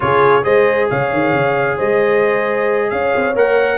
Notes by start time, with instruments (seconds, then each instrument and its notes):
0.00 tuba C#3, trombone F4, horn G#4, trumpet C#5
0.43 tuba G#3, trombone G#4, horn C5, trumpet D#5
0.90 tuba C#3, horn C#5, trumpet F5
1.13 tuba D#3
1.32 tuba C#3
1.77 tuba G#3, horn C5, trumpet D#5
2.90 tuba C#4, horn C#5, trumpet F5
3.15 tuba C4
3.35 tuba A#3, trombone A#4, trumpet F#5